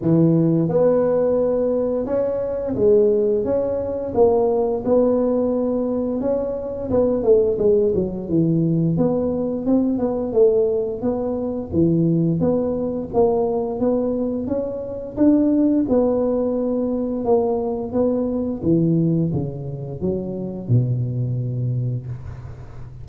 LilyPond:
\new Staff \with { instrumentName = "tuba" } { \time 4/4 \tempo 4 = 87 e4 b2 cis'4 | gis4 cis'4 ais4 b4~ | b4 cis'4 b8 a8 gis8 fis8 | e4 b4 c'8 b8 a4 |
b4 e4 b4 ais4 | b4 cis'4 d'4 b4~ | b4 ais4 b4 e4 | cis4 fis4 b,2 | }